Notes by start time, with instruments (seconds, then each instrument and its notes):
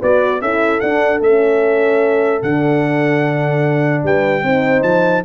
0.00 tuba B3, horn F#4 B4, trumpet D5
0.41 tuba C#4, horn E4 A4, trumpet E5
0.81 horn D4, tuba D4, trumpet F#5
1.20 tuba A3, horn C#4, trumpet E5
2.42 tuba D3, horn D4, trumpet F#5
4.04 tuba G3, horn B4, trumpet G5
4.43 tuba C4, horn D#4 C5
4.83 tuba F3, trumpet A5